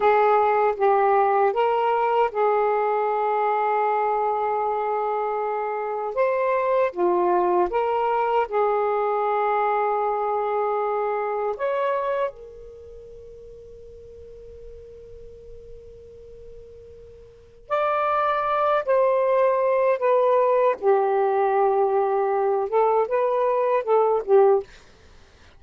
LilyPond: \new Staff \with { instrumentName = "saxophone" } { \time 4/4 \tempo 4 = 78 gis'4 g'4 ais'4 gis'4~ | gis'1 | c''4 f'4 ais'4 gis'4~ | gis'2. cis''4 |
ais'1~ | ais'2. d''4~ | d''8 c''4. b'4 g'4~ | g'4. a'8 b'4 a'8 g'8 | }